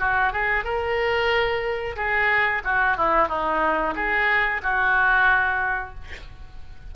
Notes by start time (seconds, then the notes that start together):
0.00 F#4
0.33 G#4
0.64 A#4
1.97 G#4
2.64 F#4
2.97 E4
3.29 D#4
3.96 G#4
4.63 F#4